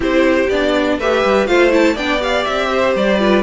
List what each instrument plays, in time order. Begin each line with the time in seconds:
0.00 cello C4, viola E4, violin G4 C5
0.49 cello B3, viola D4, violin D5
0.98 cello A3, viola G4, violin B4 E5
1.24 cello G3
1.46 cello A3, viola F4, violin C5 F5
1.70 viola E4, violin A5
1.93 cello B3, viola D4, violin D5 G5
2.19 viola G4, violin F5
2.44 cello C4, violin E5
2.71 violin C5
2.95 cello G3, violin D5
3.19 viola F4, violin B4